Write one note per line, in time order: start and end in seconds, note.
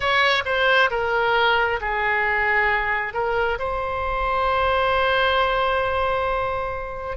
0.00 0.43 C#5
0.45 0.90 C5
0.90 1.80 A#4
1.80 3.13 G#4
3.13 3.58 A#4
3.58 7.16 C5